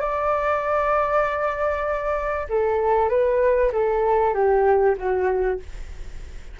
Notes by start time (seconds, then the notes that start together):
0.00 D5
2.49 A4
3.09 B4
3.72 A4
4.34 G4
4.98 F#4